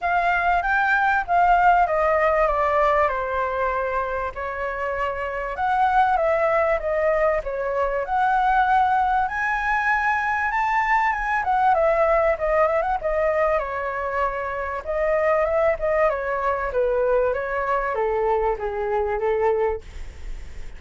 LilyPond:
\new Staff \with { instrumentName = "flute" } { \time 4/4 \tempo 4 = 97 f''4 g''4 f''4 dis''4 | d''4 c''2 cis''4~ | cis''4 fis''4 e''4 dis''4 | cis''4 fis''2 gis''4~ |
gis''4 a''4 gis''8 fis''8 e''4 | dis''8 e''16 fis''16 dis''4 cis''2 | dis''4 e''8 dis''8 cis''4 b'4 | cis''4 a'4 gis'4 a'4 | }